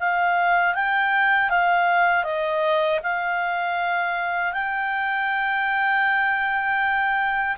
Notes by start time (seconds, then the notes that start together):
0.00 F5
0.75 G5
1.50 F5
2.24 D#5
3.03 F5
4.53 G5